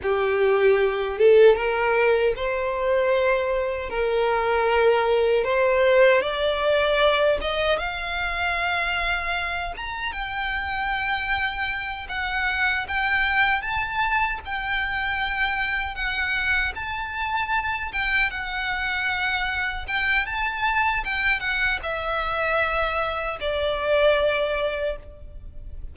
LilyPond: \new Staff \with { instrumentName = "violin" } { \time 4/4 \tempo 4 = 77 g'4. a'8 ais'4 c''4~ | c''4 ais'2 c''4 | d''4. dis''8 f''2~ | f''8 ais''8 g''2~ g''8 fis''8~ |
fis''8 g''4 a''4 g''4.~ | g''8 fis''4 a''4. g''8 fis''8~ | fis''4. g''8 a''4 g''8 fis''8 | e''2 d''2 | }